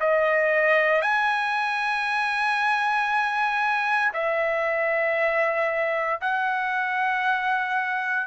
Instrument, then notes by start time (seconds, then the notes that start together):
trumpet
0.00 D#5
1.02 G#5
4.13 E5
6.21 F#5